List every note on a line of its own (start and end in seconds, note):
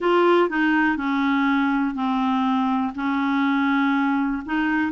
0.00 0.49 F4
0.49 0.97 D#4
0.97 1.94 C#4
1.94 2.92 C4
2.95 4.42 C#4
4.45 4.92 D#4